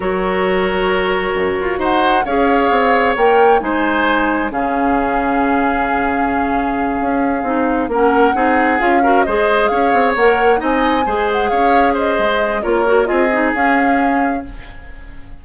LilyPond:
<<
  \new Staff \with { instrumentName = "flute" } { \time 4/4 \tempo 4 = 133 cis''1 | fis''4 f''2 g''4 | gis''2 f''2~ | f''1~ |
f''4. fis''2 f''8~ | f''8 dis''4 f''4 fis''4 gis''8~ | gis''4 fis''8 f''4 dis''4. | cis''4 dis''4 f''2 | }
  \new Staff \with { instrumentName = "oboe" } { \time 4/4 ais'1 | c''4 cis''2. | c''2 gis'2~ | gis'1~ |
gis'4. ais'4 gis'4. | ais'8 c''4 cis''2 dis''8~ | dis''8 c''4 cis''4 c''4. | ais'4 gis'2. | }
  \new Staff \with { instrumentName = "clarinet" } { \time 4/4 fis'1~ | fis'4 gis'2 ais'4 | dis'2 cis'2~ | cis'1~ |
cis'8 dis'4 cis'4 dis'4 f'8 | fis'8 gis'2 ais'4 dis'8~ | dis'8 gis'2.~ gis'8 | f'8 fis'8 f'8 dis'8 cis'2 | }
  \new Staff \with { instrumentName = "bassoon" } { \time 4/4 fis2. fis,8 f'8 | dis'4 cis'4 c'4 ais4 | gis2 cis2~ | cis2.~ cis8 cis'8~ |
cis'8 c'4 ais4 c'4 cis'8~ | cis'8 gis4 cis'8 c'8 ais4 c'8~ | c'8 gis4 cis'4. gis4 | ais4 c'4 cis'2 | }
>>